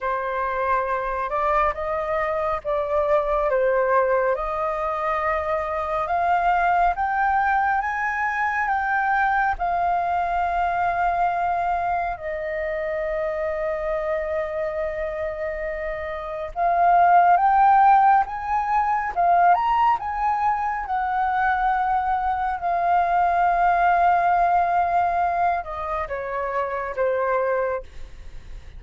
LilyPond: \new Staff \with { instrumentName = "flute" } { \time 4/4 \tempo 4 = 69 c''4. d''8 dis''4 d''4 | c''4 dis''2 f''4 | g''4 gis''4 g''4 f''4~ | f''2 dis''2~ |
dis''2. f''4 | g''4 gis''4 f''8 ais''8 gis''4 | fis''2 f''2~ | f''4. dis''8 cis''4 c''4 | }